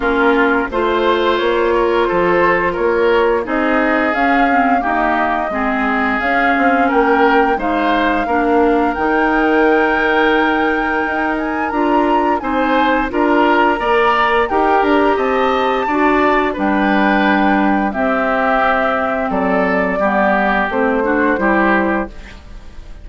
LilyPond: <<
  \new Staff \with { instrumentName = "flute" } { \time 4/4 \tempo 4 = 87 ais'4 c''4 cis''4 c''4 | cis''4 dis''4 f''4 dis''4~ | dis''4 f''4 g''4 f''4~ | f''4 g''2.~ |
g''8 gis''8 ais''4 gis''4 ais''4~ | ais''4 g''8 ais''8 a''2 | g''2 e''2 | d''2 c''2 | }
  \new Staff \with { instrumentName = "oboe" } { \time 4/4 f'4 c''4. ais'8 a'4 | ais'4 gis'2 g'4 | gis'2 ais'4 c''4 | ais'1~ |
ais'2 c''4 ais'4 | d''4 ais'4 dis''4 d''4 | b'2 g'2 | a'4 g'4. fis'8 g'4 | }
  \new Staff \with { instrumentName = "clarinet" } { \time 4/4 cis'4 f'2.~ | f'4 dis'4 cis'8 c'8 ais4 | c'4 cis'2 dis'4 | d'4 dis'2.~ |
dis'4 f'4 dis'4 f'4 | ais'4 g'2 fis'4 | d'2 c'2~ | c'4 b4 c'8 d'8 e'4 | }
  \new Staff \with { instrumentName = "bassoon" } { \time 4/4 ais4 a4 ais4 f4 | ais4 c'4 cis'4 dis'4 | gis4 cis'8 c'8 ais4 gis4 | ais4 dis2. |
dis'4 d'4 c'4 d'4 | ais4 dis'8 d'8 c'4 d'4 | g2 c'2 | fis4 g4 a4 g4 | }
>>